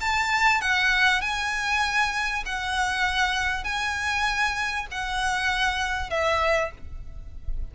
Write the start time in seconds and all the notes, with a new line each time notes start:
0.00 A5
0.61 F#5
1.21 G#5
2.45 F#5
3.64 G#5
4.91 F#5
6.10 E5